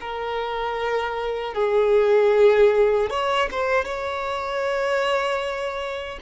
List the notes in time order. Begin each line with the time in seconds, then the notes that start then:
0.00 A#4
1.54 G#4
3.10 C#5
3.51 C5
3.85 C#5